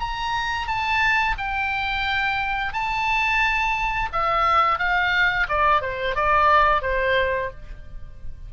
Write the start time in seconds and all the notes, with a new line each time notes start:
0.00 A#5
0.68 A5
1.38 G5
2.73 A5
4.13 E5
4.79 F5
5.49 D5
5.82 C5
6.16 D5
6.82 C5